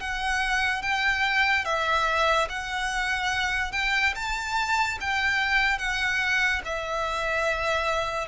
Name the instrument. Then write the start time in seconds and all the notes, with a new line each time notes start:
violin
0.00 F#5
0.82 G5
1.64 E5
2.49 F#5
3.72 G5
4.15 A5
5.00 G5
5.78 F#5
6.64 E5